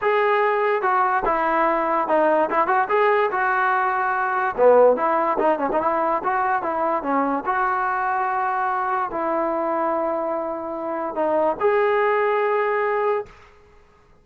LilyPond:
\new Staff \with { instrumentName = "trombone" } { \time 4/4 \tempo 4 = 145 gis'2 fis'4 e'4~ | e'4 dis'4 e'8 fis'8 gis'4 | fis'2. b4 | e'4 dis'8 cis'16 dis'16 e'4 fis'4 |
e'4 cis'4 fis'2~ | fis'2 e'2~ | e'2. dis'4 | gis'1 | }